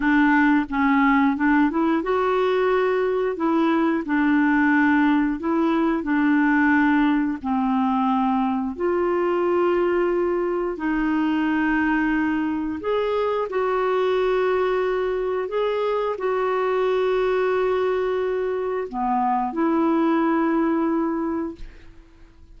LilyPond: \new Staff \with { instrumentName = "clarinet" } { \time 4/4 \tempo 4 = 89 d'4 cis'4 d'8 e'8 fis'4~ | fis'4 e'4 d'2 | e'4 d'2 c'4~ | c'4 f'2. |
dis'2. gis'4 | fis'2. gis'4 | fis'1 | b4 e'2. | }